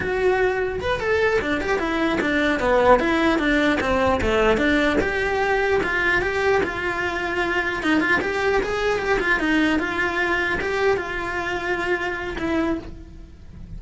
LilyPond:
\new Staff \with { instrumentName = "cello" } { \time 4/4 \tempo 4 = 150 fis'2 b'8 a'4 d'8 | g'8 e'4 d'4 b4 e'8~ | e'8 d'4 c'4 a4 d'8~ | d'8 g'2 f'4 g'8~ |
g'8 f'2. dis'8 | f'8 g'4 gis'4 g'8 f'8 dis'8~ | dis'8 f'2 g'4 f'8~ | f'2. e'4 | }